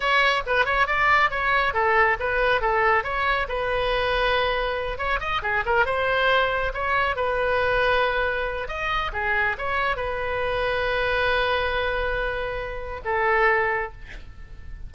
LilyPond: \new Staff \with { instrumentName = "oboe" } { \time 4/4 \tempo 4 = 138 cis''4 b'8 cis''8 d''4 cis''4 | a'4 b'4 a'4 cis''4 | b'2.~ b'8 cis''8 | dis''8 gis'8 ais'8 c''2 cis''8~ |
cis''8 b'2.~ b'8 | dis''4 gis'4 cis''4 b'4~ | b'1~ | b'2 a'2 | }